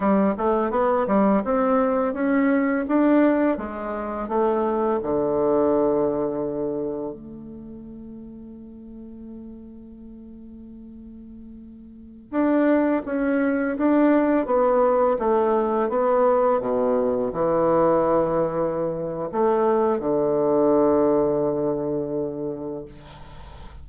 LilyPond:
\new Staff \with { instrumentName = "bassoon" } { \time 4/4 \tempo 4 = 84 g8 a8 b8 g8 c'4 cis'4 | d'4 gis4 a4 d4~ | d2 a2~ | a1~ |
a4~ a16 d'4 cis'4 d'8.~ | d'16 b4 a4 b4 b,8.~ | b,16 e2~ e8. a4 | d1 | }